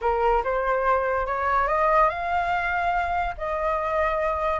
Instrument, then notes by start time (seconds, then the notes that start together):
flute
0.01 A#4
0.43 C5
1.26 C#5
1.67 D#5
2.09 F5
3.37 D#5